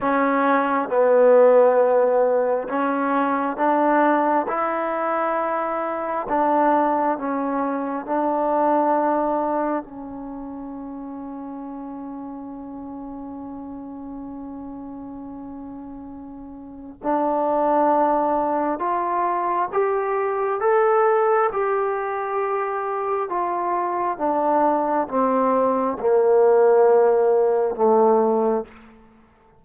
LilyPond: \new Staff \with { instrumentName = "trombone" } { \time 4/4 \tempo 4 = 67 cis'4 b2 cis'4 | d'4 e'2 d'4 | cis'4 d'2 cis'4~ | cis'1~ |
cis'2. d'4~ | d'4 f'4 g'4 a'4 | g'2 f'4 d'4 | c'4 ais2 a4 | }